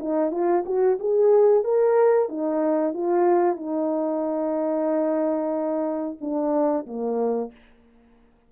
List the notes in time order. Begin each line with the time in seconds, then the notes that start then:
0.00 D#4
0.32 F4
0.66 F#4
1.00 G#4
1.64 A#4
2.29 D#4
2.94 F4
3.57 D#4
6.21 D4
6.87 A#3